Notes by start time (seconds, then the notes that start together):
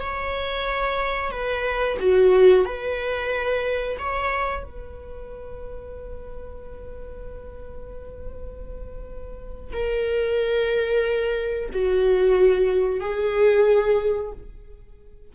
0.00 C#5
1.31 B4
2.00 F#4
2.66 B4
3.99 C#5
4.64 B4
9.73 A#4
11.73 F#4
13.00 G#4